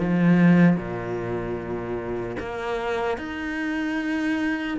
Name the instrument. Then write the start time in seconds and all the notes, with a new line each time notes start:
cello
0.00 F3
0.77 A#2
2.40 A#3
3.18 D#4